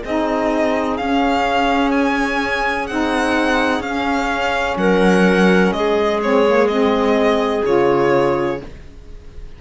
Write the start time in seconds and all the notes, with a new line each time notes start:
0.00 C4 D#4 G#4 D#5
0.97 C#4 F5
1.92 G#5
2.87 C4 D#4 F#5
3.80 C#4 F5
4.77 F#3 A#4 F#5
5.72 G#3 G#4 D#5
6.23 C4 C#5
6.47 A#3
6.68 C4 D#5
7.65 C#3 F4 C#5